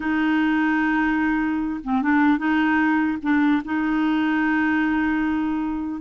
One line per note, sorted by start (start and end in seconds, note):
0.00 1.80 D#4
1.83 2.02 C4
2.02 2.38 D4
2.38 3.18 D#4
3.22 3.62 D4
3.64 6.01 D#4